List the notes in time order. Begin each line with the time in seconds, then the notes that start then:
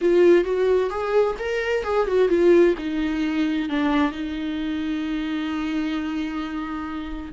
0.01 F4
0.44 F#4
0.89 G#4
1.38 A#4
1.83 G#4
2.07 F#4
2.29 F4
2.78 D#4
3.69 D4
4.11 D#4